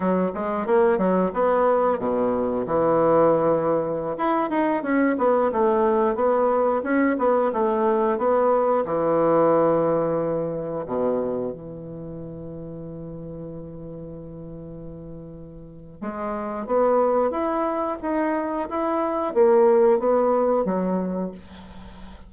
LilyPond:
\new Staff \with { instrumentName = "bassoon" } { \time 4/4 \tempo 4 = 90 fis8 gis8 ais8 fis8 b4 b,4 | e2~ e16 e'8 dis'8 cis'8 b16~ | b16 a4 b4 cis'8 b8 a8.~ | a16 b4 e2~ e8.~ |
e16 b,4 e2~ e8.~ | e1 | gis4 b4 e'4 dis'4 | e'4 ais4 b4 fis4 | }